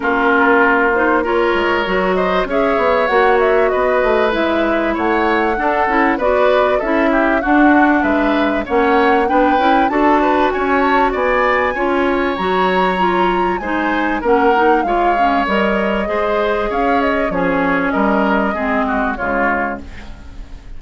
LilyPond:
<<
  \new Staff \with { instrumentName = "flute" } { \time 4/4 \tempo 4 = 97 ais'4. c''8 cis''4. dis''8 | e''4 fis''8 e''8 dis''4 e''4 | fis''2 d''4 e''4 | fis''4 e''4 fis''4 g''4 |
a''4 gis''8 a''8 gis''2 | ais''2 gis''4 fis''4 | f''4 dis''2 f''8 dis''8 | cis''4 dis''2 cis''4 | }
  \new Staff \with { instrumentName = "oboe" } { \time 4/4 f'2 ais'4. c''8 | cis''2 b'2 | cis''4 a'4 b'4 a'8 g'8 | fis'4 b'4 cis''4 b'4 |
a'8 b'8 cis''4 d''4 cis''4~ | cis''2 c''4 ais'4 | cis''2 c''4 cis''4 | gis'4 ais'4 gis'8 fis'8 f'4 | }
  \new Staff \with { instrumentName = "clarinet" } { \time 4/4 cis'4. dis'8 f'4 fis'4 | gis'4 fis'2 e'4~ | e'4 d'8 e'8 fis'4 e'4 | d'2 cis'4 d'8 e'8 |
fis'2. f'4 | fis'4 f'4 dis'4 cis'8 dis'8 | f'8 cis'8 ais'4 gis'2 | cis'2 c'4 gis4 | }
  \new Staff \with { instrumentName = "bassoon" } { \time 4/4 ais2~ ais8 gis8 fis4 | cis'8 b8 ais4 b8 a8 gis4 | a4 d'8 cis'8 b4 cis'4 | d'4 gis4 ais4 b8 cis'8 |
d'4 cis'4 b4 cis'4 | fis2 gis4 ais4 | gis4 g4 gis4 cis'4 | f4 g4 gis4 cis4 | }
>>